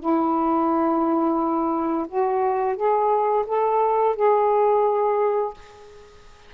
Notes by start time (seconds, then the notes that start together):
0.00 E4
2.08 F#4
2.76 G#4
3.47 A4
4.16 G#4